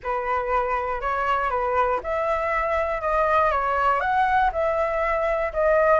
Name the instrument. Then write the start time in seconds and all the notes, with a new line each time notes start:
flute
0.03 B4
1.01 C#5
1.50 B4
2.02 E5
3.01 D#5
3.51 C#5
4.00 F#5
4.52 E5
5.52 D#5